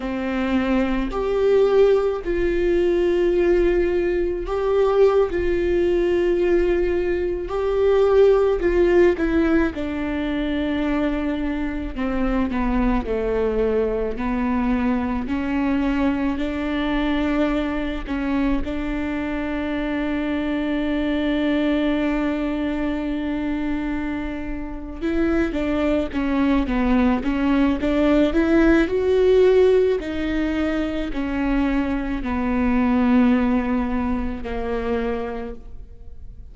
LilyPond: \new Staff \with { instrumentName = "viola" } { \time 4/4 \tempo 4 = 54 c'4 g'4 f'2 | g'8. f'2 g'4 f'16~ | f'16 e'8 d'2 c'8 b8 a16~ | a8. b4 cis'4 d'4~ d'16~ |
d'16 cis'8 d'2.~ d'16~ | d'2~ d'8 e'8 d'8 cis'8 | b8 cis'8 d'8 e'8 fis'4 dis'4 | cis'4 b2 ais4 | }